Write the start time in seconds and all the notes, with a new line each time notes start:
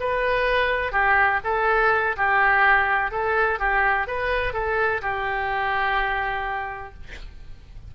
0.00 B4
0.92 G4
1.44 A4
2.17 G4
3.12 A4
3.59 G4
4.07 B4
4.53 A4
5.02 G4